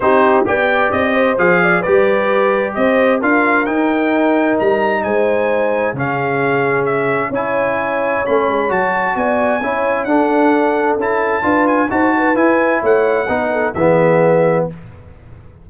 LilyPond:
<<
  \new Staff \with { instrumentName = "trumpet" } { \time 4/4 \tempo 4 = 131 c''4 g''4 dis''4 f''4 | d''2 dis''4 f''4 | g''2 ais''4 gis''4~ | gis''4 f''2 e''4 |
gis''2 b''4 a''4 | gis''2 fis''2 | a''4. gis''8 a''4 gis''4 | fis''2 e''2 | }
  \new Staff \with { instrumentName = "horn" } { \time 4/4 g'4 d''4. c''4 d''8 | b'2 c''4 ais'4~ | ais'2. c''4~ | c''4 gis'2. |
cis''1 | d''4 cis''4 a'2~ | a'4 b'4 c''8 b'4. | cis''4 b'8 a'8 gis'2 | }
  \new Staff \with { instrumentName = "trombone" } { \time 4/4 dis'4 g'2 gis'4 | g'2. f'4 | dis'1~ | dis'4 cis'2. |
e'2 cis'4 fis'4~ | fis'4 e'4 d'2 | e'4 f'4 fis'4 e'4~ | e'4 dis'4 b2 | }
  \new Staff \with { instrumentName = "tuba" } { \time 4/4 c'4 b4 c'4 f4 | g2 c'4 d'4 | dis'2 g4 gis4~ | gis4 cis2. |
cis'2 a8 gis8 fis4 | b4 cis'4 d'2 | cis'4 d'4 dis'4 e'4 | a4 b4 e2 | }
>>